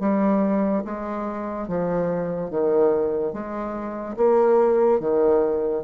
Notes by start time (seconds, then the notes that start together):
0.00 G3
0.84 G#3
1.68 F3
2.50 D#3
3.33 G#3
4.17 A#3
5.00 D#3